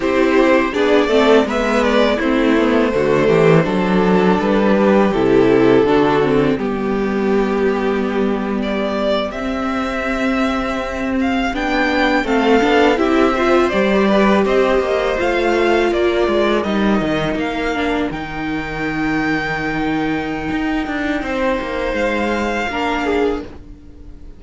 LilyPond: <<
  \new Staff \with { instrumentName = "violin" } { \time 4/4 \tempo 4 = 82 c''4 d''4 e''8 d''8 c''4~ | c''2 b'4 a'4~ | a'4 g'2~ g'8. d''16~ | d''8. e''2~ e''8 f''8 g''16~ |
g''8. f''4 e''4 d''4 dis''16~ | dis''8. f''4 d''4 dis''4 f''16~ | f''8. g''2.~ g''16~ | g''2 f''2 | }
  \new Staff \with { instrumentName = "violin" } { \time 4/4 g'4 gis'8 a'8 b'4 e'4 | fis'8 g'8 a'4. g'4. | fis'4 g'2.~ | g'1~ |
g'8. a'4 g'8 c''4 b'8 c''16~ | c''4.~ c''16 ais'2~ ais'16~ | ais'1~ | ais'4 c''2 ais'8 gis'8 | }
  \new Staff \with { instrumentName = "viola" } { \time 4/4 e'4 d'8 c'8 b4 c'8 b8 | a4 d'2 e'4 | d'8 c'8 b2.~ | b8. c'2. d'16~ |
d'8. c'8 d'8 e'8 f'8 g'4~ g'16~ | g'8. f'2 dis'4~ dis'16~ | dis'16 d'8 dis'2.~ dis'16~ | dis'2. d'4 | }
  \new Staff \with { instrumentName = "cello" } { \time 4/4 c'4 b8 a8 gis4 a4 | d8 e8 fis4 g4 c4 | d4 g2.~ | g8. c'2. b16~ |
b8. a8 b8 c'4 g4 c'16~ | c'16 ais8 a4 ais8 gis8 g8 dis8 ais16~ | ais8. dis2.~ dis16 | dis'8 d'8 c'8 ais8 gis4 ais4 | }
>>